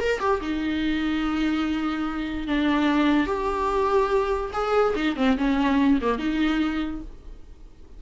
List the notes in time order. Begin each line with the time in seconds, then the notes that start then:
0.00 A#4
0.20 G4
0.41 D#4
2.47 D4
3.27 G4
4.53 G#4
4.96 D#4
5.16 C4
5.37 C#4
6.01 A#3
6.19 D#4